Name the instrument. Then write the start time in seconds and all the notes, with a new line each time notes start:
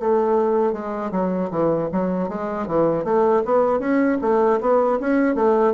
bassoon
0.00 A3
0.73 G#3
1.12 F#3
1.51 E3
1.92 F#3
2.29 G#3
2.67 E3
3.04 A3
3.45 B3
3.80 C#4
4.21 A3
4.61 B3
5.00 C#4
5.35 A3